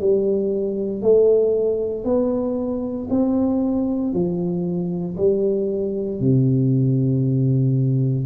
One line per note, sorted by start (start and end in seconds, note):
0.00 1.02 G3
1.02 2.05 A3
2.05 3.08 B3
3.10 4.13 C4
4.13 5.16 F3
5.17 6.20 G3
6.20 8.26 C3